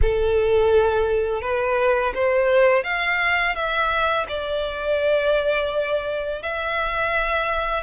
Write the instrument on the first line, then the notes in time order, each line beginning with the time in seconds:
violin
0.01 A4
1.41 B4
2.14 C5
2.83 F5
3.55 E5
4.28 D5
6.42 E5